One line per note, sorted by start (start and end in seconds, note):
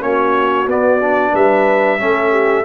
0.00 0.67 A#3
0.00 0.66 C#4
0.00 1.33 F#4
0.00 0.68 C#5
0.67 1.33 B3
0.67 1.00 B3
0.67 1.35 D5
1.00 1.99 D4
1.33 2.00 G3
1.33 1.99 B4
1.33 2.65 E5
1.99 2.65 A3
1.99 2.65 C#4
1.99 2.31 A4
2.31 2.64 G4